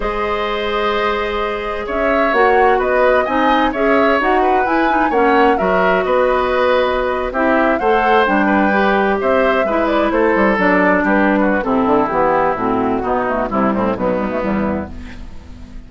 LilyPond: <<
  \new Staff \with { instrumentName = "flute" } { \time 4/4 \tempo 4 = 129 dis''1 | e''4 fis''4 dis''4 gis''4 | e''4 fis''4 gis''4 fis''4 | e''4 dis''2~ dis''8. e''16~ |
e''8. fis''4 g''2 e''16~ | e''4~ e''16 d''8 c''4 d''4 b'16~ | b'4 a'4 g'4 fis'4~ | fis'4 e'4 dis'4 e'4 | }
  \new Staff \with { instrumentName = "oboe" } { \time 4/4 c''1 | cis''2 b'4 dis''4 | cis''4. b'4. cis''4 | ais'4 b'2~ b'8. g'16~ |
g'8. c''4. b'4. c''16~ | c''8. b'4 a'2 g'16~ | g'8 fis'8 e'2. | dis'4 e'8 c'8 b2 | }
  \new Staff \with { instrumentName = "clarinet" } { \time 4/4 gis'1~ | gis'4 fis'2 dis'4 | gis'4 fis'4 e'8 dis'8 cis'4 | fis'2.~ fis'8. e'16~ |
e'8. a'4 d'4 g'4~ g'16~ | g'8. e'2 d'4~ d'16~ | d'4 c'4 b4 c'4 | b8 a8 g4 fis8 g16 a16 g4 | }
  \new Staff \with { instrumentName = "bassoon" } { \time 4/4 gis1 | cis'4 ais4 b4 c'4 | cis'4 dis'4 e'4 ais4 | fis4 b2~ b8. c'16~ |
c'8. a4 g2 c'16~ | c'8. gis4 a8 g8 fis4 g16~ | g4 c8 d8 e4 a,4 | b,4 c8 a,8 b,4 e,4 | }
>>